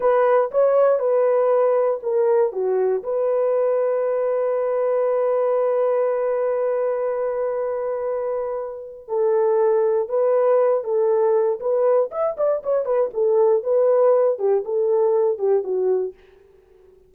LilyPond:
\new Staff \with { instrumentName = "horn" } { \time 4/4 \tempo 4 = 119 b'4 cis''4 b'2 | ais'4 fis'4 b'2~ | b'1~ | b'1~ |
b'2 a'2 | b'4. a'4. b'4 | e''8 d''8 cis''8 b'8 a'4 b'4~ | b'8 g'8 a'4. g'8 fis'4 | }